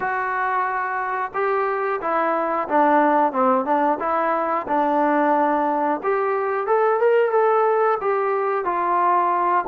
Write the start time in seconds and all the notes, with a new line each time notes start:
0.00 F#4
1.33 G4
2.01 E4
2.68 D4
3.32 C4
3.65 D4
3.99 E4
4.67 D4
6.03 G4
6.67 A4
7.00 A#4
7.31 A4
8.00 G4
8.65 F4